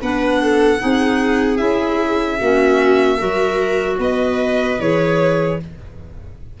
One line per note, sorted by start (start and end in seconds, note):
0.00 0.81 B3
0.00 0.79 D4
0.00 0.41 B4
0.00 1.57 F#5
0.41 0.81 A4
0.79 1.60 C4
0.79 1.57 D#4
0.79 2.40 G#4
1.57 2.40 C#4
1.57 2.37 E4
1.57 3.97 E5
2.40 3.21 A#3
2.40 3.18 C#4
2.40 3.17 F#4
3.17 3.98 F#3
3.17 4.78 F#4
3.17 3.97 A#4
3.98 4.78 B3
3.98 5.59 B4
3.98 4.80 D#5
4.79 5.59 E3
4.79 5.59 G#4
4.79 5.60 C#5